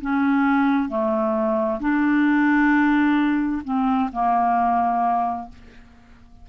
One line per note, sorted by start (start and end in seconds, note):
0.00 0.88 C#4
0.88 1.79 A3
1.80 3.62 D4
3.64 4.10 C4
4.12 5.48 A#3